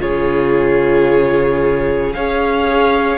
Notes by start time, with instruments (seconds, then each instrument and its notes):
0.00 cello C#3, viola F4, violin G#4 C#5
2.13 cello C#4, viola G#4, violin C#5 F5